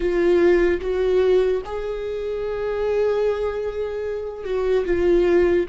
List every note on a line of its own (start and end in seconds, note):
0.00 0.80 F4
0.81 1.62 F#4
1.65 4.44 G#4
4.44 4.84 F#4
4.85 5.66 F4